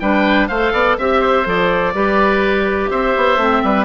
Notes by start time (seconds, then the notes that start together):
0.00 G3 D4 B4 G5
0.48 A3 A4 C5 F5
0.72 B3 D5
0.98 C4 G4 E5
1.20 C5
1.44 F3 A4 D5
1.94 G3 G4 B4
2.90 C4 C5 E5
3.16 B3
3.37 A3 C4
3.63 G3 B4